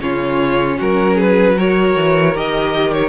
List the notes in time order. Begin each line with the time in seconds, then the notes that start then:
0.00 C#3 C#4 F4 C#5
0.78 F#3 F#4 A#4
1.15 G#4 B4
1.57 F#4 A#4 C#5
1.96 E3
2.35 D#3 G4 D#5
2.93 C#5